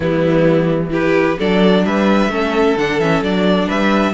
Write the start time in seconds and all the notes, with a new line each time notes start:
0.00 E3 G3 B3 E4
0.90 E4 G4 B4
1.37 F#3 D4 A4 D5
1.85 G3 B4 E5
2.28 A3 C#4 A4
2.76 D3 D4 F#5
2.98 E3 C#4 E5
3.22 F#3 D4 D5
3.67 G3 B4 E5